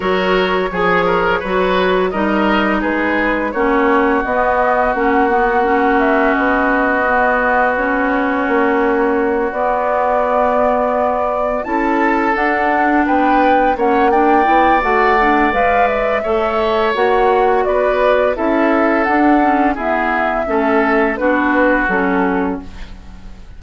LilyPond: <<
  \new Staff \with { instrumentName = "flute" } { \time 4/4 \tempo 4 = 85 cis''2. dis''4 | b'4 cis''4 dis''4 fis''4~ | fis''8 e''8 dis''2 cis''4~ | cis''4. d''2~ d''8~ |
d''8 a''4 fis''4 g''4 fis''8 | g''4 fis''4 f''8 e''4. | fis''4 d''4 e''4 fis''4 | e''2 b'4 a'4 | }
  \new Staff \with { instrumentName = "oboe" } { \time 4/4 ais'4 gis'8 ais'8 b'4 ais'4 | gis'4 fis'2.~ | fis'1~ | fis'1~ |
fis'8 a'2 b'4 cis''8 | d''2. cis''4~ | cis''4 b'4 a'2 | gis'4 a'4 fis'2 | }
  \new Staff \with { instrumentName = "clarinet" } { \time 4/4 fis'4 gis'4 fis'4 dis'4~ | dis'4 cis'4 b4 cis'8 b8 | cis'2 b4 cis'4~ | cis'4. b2~ b8~ |
b8 e'4 d'2 cis'8 | d'8 e'8 fis'8 d'8 b'4 a'4 | fis'2 e'4 d'8 cis'8 | b4 cis'4 d'4 cis'4 | }
  \new Staff \with { instrumentName = "bassoon" } { \time 4/4 fis4 f4 fis4 g4 | gis4 ais4 b4 ais4~ | ais4 b2. | ais4. b2~ b8~ |
b8 cis'4 d'4 b4 ais8~ | ais8 b8 a4 gis4 a4 | ais4 b4 cis'4 d'4 | e'4 a4 b4 fis4 | }
>>